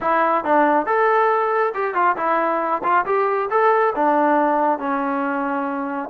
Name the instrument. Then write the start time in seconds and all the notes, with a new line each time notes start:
trombone
0.01 E4
0.44 D4
0.86 A4
1.74 G4
1.94 F4
2.16 E4
2.83 F4
3.05 G4
3.50 A4
3.95 D4
4.78 C#4